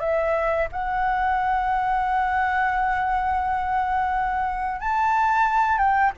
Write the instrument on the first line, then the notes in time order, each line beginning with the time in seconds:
flute
0.00 E5
0.72 F#5
4.80 A5
5.78 G5